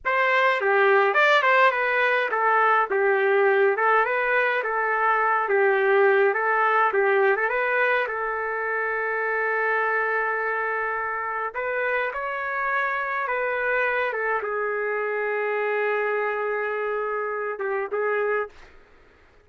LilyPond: \new Staff \with { instrumentName = "trumpet" } { \time 4/4 \tempo 4 = 104 c''4 g'4 d''8 c''8 b'4 | a'4 g'4. a'8 b'4 | a'4. g'4. a'4 | g'8. a'16 b'4 a'2~ |
a'1 | b'4 cis''2 b'4~ | b'8 a'8 gis'2.~ | gis'2~ gis'8 g'8 gis'4 | }